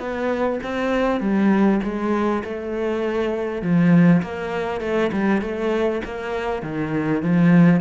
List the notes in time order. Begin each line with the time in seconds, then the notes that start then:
0.00 B3
0.64 C4
1.21 G3
1.83 G#3
2.44 A3
3.62 F3
4.23 A#3
4.81 A3
5.13 G3
5.42 A3
6.05 A#3
6.63 D#3
7.23 F3